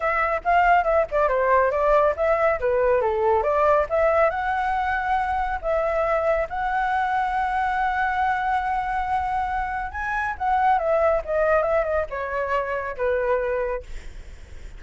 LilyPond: \new Staff \with { instrumentName = "flute" } { \time 4/4 \tempo 4 = 139 e''4 f''4 e''8 d''8 c''4 | d''4 e''4 b'4 a'4 | d''4 e''4 fis''2~ | fis''4 e''2 fis''4~ |
fis''1~ | fis''2. gis''4 | fis''4 e''4 dis''4 e''8 dis''8 | cis''2 b'2 | }